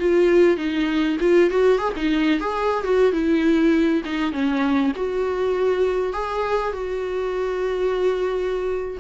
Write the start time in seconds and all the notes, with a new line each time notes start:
0.00 F4
0.57 D#4
1.21 F4
1.51 F#4
1.78 G#4
1.96 D#4
2.41 G#4
2.84 F#4
3.13 E4
4.05 D#4
4.33 C#4
4.96 F#4
6.13 G#4
6.73 F#4